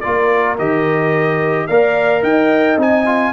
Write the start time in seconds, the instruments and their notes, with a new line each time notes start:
0.00 tuba A#3, trombone F4, horn A#4, trumpet D5
0.58 tuba D#3, trombone G4, trumpet D#5
1.67 tuba A#3, trombone A#4, horn D5, trumpet F5
2.22 tuba D#4, horn D#5, trumpet G5
2.77 tuba C4, trombone D#4, trumpet G#5
3.05 trombone F4